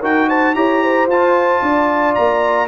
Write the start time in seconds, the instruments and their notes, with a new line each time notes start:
0.00 tuba D#4, trombone F#4, horn A#4, trumpet G5
0.28 horn C5, trumpet A5
0.54 tuba E4, trombone G4, horn C#5, trumpet A#5
0.83 horn C5
1.07 tuba F4, trombone F4, trumpet A5
1.61 tuba D4, horn D5
2.15 tuba A#3, trumpet A#5